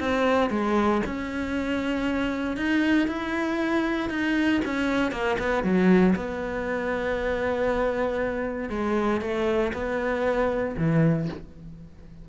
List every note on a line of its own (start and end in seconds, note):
0.00 0.51 C4
0.51 1.02 G#3
1.06 2.57 C#4
2.57 3.08 D#4
3.08 4.10 E4
4.10 4.61 D#4
4.65 5.12 C#4
5.12 5.38 A#3
5.39 5.64 B3
5.64 6.15 F#3
6.16 8.70 B3
8.70 9.21 G#3
9.21 9.72 A3
9.73 10.76 B3
10.78 11.29 E3